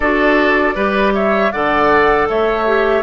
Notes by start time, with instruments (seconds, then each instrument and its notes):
0.00 bassoon D4, clarinet F#4, oboe A4, flute D5
0.75 bassoon G3, clarinet G4, oboe B4
1.13 oboe C#5, flute E5
1.51 bassoon D3, clarinet A4, oboe D5, flute F#5
2.29 bassoon A3, oboe C#5, flute E5
2.66 clarinet G4